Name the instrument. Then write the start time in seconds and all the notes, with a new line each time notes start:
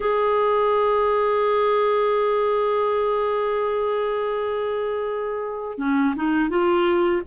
clarinet
0.00 G#4
5.78 C#4
6.16 D#4
6.49 F4